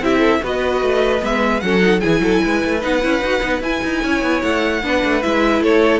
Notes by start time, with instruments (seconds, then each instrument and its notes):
0.00 cello C4, viola E4, violin G4 E5
0.18 violin A4
0.42 cello B3, viola F#4, violin B4 D#5
0.82 cello A3
1.20 cello G#3, viola B3, violin E5
1.60 cello F#3, viola C#4, violin A4 F#5
1.80 viola D#4
2.00 cello E3, viola E4, violin G#4 G#5
2.19 cello F#3, violin A4
2.42 cello G#3, violin B4
2.65 cello A3
2.80 cello B3, viola D#4, violin F#5
3.01 cello C#4, viola E4
3.21 cello D#4, viola F#4
3.41 cello B3, viola D#4
3.61 cello E4, viola E4, violin G#5
3.84 cello D#4
4.02 cello C#4, violin C#5
4.21 cello B3
4.42 cello A3, violin F#5
4.83 cello B3, viola D4, violin B4
5.04 cello A3
5.22 cello G#3, viola E4, violin E5
5.61 cello A3, violin A4 C#5